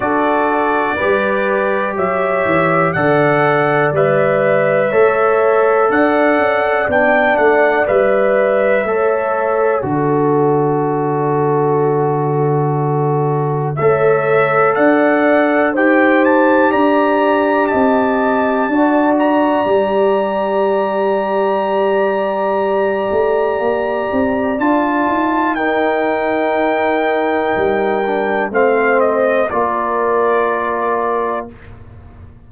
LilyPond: <<
  \new Staff \with { instrumentName = "trumpet" } { \time 4/4 \tempo 4 = 61 d''2 e''4 fis''4 | e''2 fis''4 g''8 fis''8 | e''2 d''2~ | d''2 e''4 fis''4 |
g''8 a''8 ais''4 a''4. ais''8~ | ais''1~ | ais''4 a''4 g''2~ | g''4 f''8 dis''8 d''2 | }
  \new Staff \with { instrumentName = "horn" } { \time 4/4 a'4 b'4 cis''4 d''4~ | d''4 cis''4 d''2~ | d''4 cis''4 a'2~ | a'2 cis''4 d''4 |
c''4 d''4 dis''4 d''4~ | d''1~ | d''2 ais'2~ | ais'4 c''4 ais'2 | }
  \new Staff \with { instrumentName = "trombone" } { \time 4/4 fis'4 g'2 a'4 | b'4 a'2 d'4 | b'4 a'4 fis'2~ | fis'2 a'2 |
g'2. fis'4 | g'1~ | g'4 f'4 dis'2~ | dis'8 d'8 c'4 f'2 | }
  \new Staff \with { instrumentName = "tuba" } { \time 4/4 d'4 g4 fis8 e8 d4 | g4 a4 d'8 cis'8 b8 a8 | g4 a4 d2~ | d2 a4 d'4 |
dis'4 d'4 c'4 d'4 | g2.~ g8 a8 | ais8 c'8 d'8 dis'2~ dis'8 | g4 a4 ais2 | }
>>